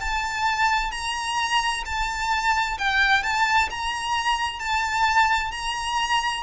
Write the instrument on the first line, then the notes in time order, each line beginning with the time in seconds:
violin
0.00 A5
0.91 A#5
1.85 A5
2.78 G5
3.23 A5
3.70 A#5
4.59 A5
5.51 A#5